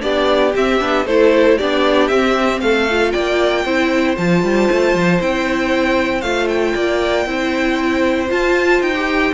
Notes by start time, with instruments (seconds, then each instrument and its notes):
0.00 cello B3, viola D4, violin G4 D5
0.55 cello C4, viola C4, violin E5
0.80 cello B3, viola D4
1.05 cello A3, viola E4, violin A4 C5
1.58 cello B3, viola D4, violin G4 D5
2.08 cello C4, viola C4, violin E5
2.60 cello A3, violin A4 F5
2.90 viola F4
3.12 cello A#3, violin D5 G5
3.65 cello C4, viola E4, violin C5
4.16 cello F3, viola F4, violin A5
4.43 cello G3
4.71 cello A3
4.95 cello F3
5.19 cello C4, viola E4, violin G5
6.21 cello A3, viola F4, violin F5
6.48 violin G5
6.74 cello A#3, violin D5
7.26 cello C4, viola E4, violin C5
8.28 viola F4, cello F4, violin A5
8.81 cello D#4, violin G5
8.96 viola G4